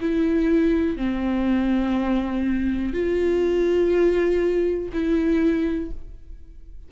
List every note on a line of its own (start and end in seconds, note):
0.00 0.97 E4
0.97 2.93 C4
2.93 4.90 F4
4.93 5.91 E4